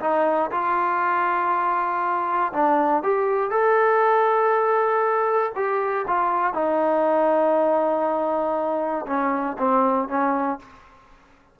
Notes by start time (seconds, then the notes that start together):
0.00 D#4
0.51 F4
2.53 D4
3.03 G4
3.50 A4
5.55 G4
6.07 F4
6.54 D#4
9.06 C#4
9.58 C4
10.08 C#4